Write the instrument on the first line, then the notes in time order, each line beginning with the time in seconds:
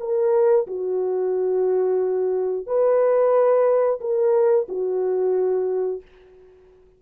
horn
0.00 A#4
0.67 F#4
2.67 B4
4.01 A#4
4.69 F#4